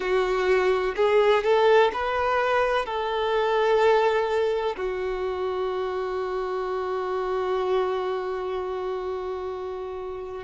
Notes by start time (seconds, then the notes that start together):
0.00 F#4
0.95 G#4
1.43 A4
1.93 B4
2.85 A4
4.76 F#4